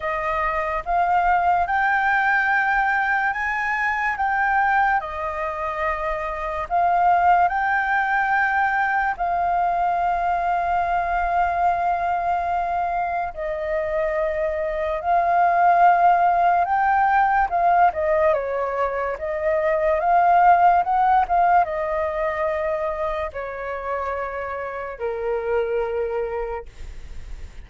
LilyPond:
\new Staff \with { instrumentName = "flute" } { \time 4/4 \tempo 4 = 72 dis''4 f''4 g''2 | gis''4 g''4 dis''2 | f''4 g''2 f''4~ | f''1 |
dis''2 f''2 | g''4 f''8 dis''8 cis''4 dis''4 | f''4 fis''8 f''8 dis''2 | cis''2 ais'2 | }